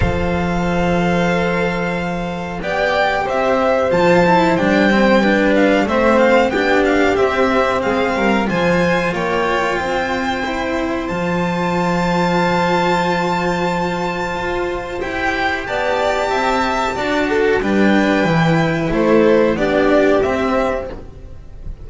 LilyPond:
<<
  \new Staff \with { instrumentName = "violin" } { \time 4/4 \tempo 4 = 92 f''1 | g''4 e''4 a''4 g''4~ | g''8 f''8 e''8 f''8 g''8 f''8 e''4 | f''4 gis''4 g''2~ |
g''4 a''2.~ | a''2. g''4 | a''2. g''4~ | g''4 c''4 d''4 e''4 | }
  \new Staff \with { instrumentName = "violin" } { \time 4/4 c''1 | d''4 c''2. | b'4 c''4 g'2 | gis'8 ais'8 c''4 cis''4 c''4~ |
c''1~ | c''1 | d''4 e''4 d''8 a'8 b'4~ | b'4 a'4 g'2 | }
  \new Staff \with { instrumentName = "cello" } { \time 4/4 a'1 | g'2 f'8 e'8 d'8 c'8 | d'4 c'4 d'4 c'4~ | c'4 f'2. |
e'4 f'2.~ | f'2. g'4~ | g'2 fis'4 d'4 | e'2 d'4 c'4 | }
  \new Staff \with { instrumentName = "double bass" } { \time 4/4 f1 | b4 c'4 f4 g4~ | g4 a4 b4 c'4 | gis8 g8 f4 ais4 c'4~ |
c'4 f2.~ | f2 f'4 e'4 | b4 c'4 d'4 g4 | e4 a4 b4 c'4 | }
>>